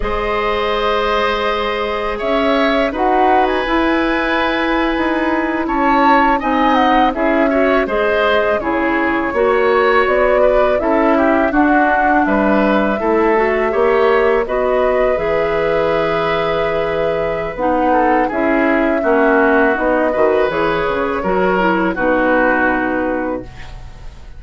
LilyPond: <<
  \new Staff \with { instrumentName = "flute" } { \time 4/4 \tempo 4 = 82 dis''2. e''4 | fis''8. gis''2. a''16~ | a''8. gis''8 fis''8 e''4 dis''4 cis''16~ | cis''4.~ cis''16 d''4 e''4 fis''16~ |
fis''8. e''2. dis''16~ | dis''8. e''2.~ e''16 | fis''4 e''2 dis''4 | cis''2 b'2 | }
  \new Staff \with { instrumentName = "oboe" } { \time 4/4 c''2. cis''4 | b'2.~ b'8. cis''16~ | cis''8. dis''4 gis'8 cis''8 c''4 gis'16~ | gis'8. cis''4. b'8 a'8 g'8 fis'16~ |
fis'8. b'4 a'4 cis''4 b'16~ | b'1~ | b'8 a'8 gis'4 fis'4. b'8~ | b'4 ais'4 fis'2 | }
  \new Staff \with { instrumentName = "clarinet" } { \time 4/4 gis'1 | fis'4 e'2.~ | e'8. dis'4 e'8 fis'8 gis'4 e'16~ | e'8. fis'2 e'4 d'16~ |
d'4.~ d'16 e'8 fis'8 g'4 fis'16~ | fis'8. gis'2.~ gis'16 | dis'4 e'4 cis'4 dis'8 fis'8 | gis'4 fis'8 e'8 dis'2 | }
  \new Staff \with { instrumentName = "bassoon" } { \time 4/4 gis2. cis'4 | dis'4 e'4.~ e'16 dis'4 cis'16~ | cis'8. c'4 cis'4 gis4 cis16~ | cis8. ais4 b4 cis'4 d'16~ |
d'8. g4 a4 ais4 b16~ | b8. e2.~ e16 | b4 cis'4 ais4 b8 dis8 | e8 cis8 fis4 b,2 | }
>>